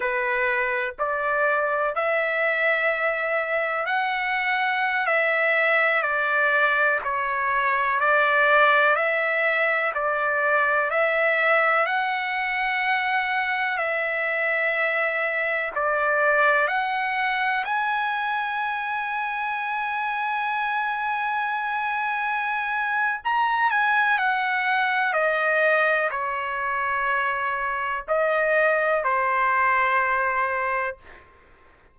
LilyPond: \new Staff \with { instrumentName = "trumpet" } { \time 4/4 \tempo 4 = 62 b'4 d''4 e''2 | fis''4~ fis''16 e''4 d''4 cis''8.~ | cis''16 d''4 e''4 d''4 e''8.~ | e''16 fis''2 e''4.~ e''16~ |
e''16 d''4 fis''4 gis''4.~ gis''16~ | gis''1 | ais''8 gis''8 fis''4 dis''4 cis''4~ | cis''4 dis''4 c''2 | }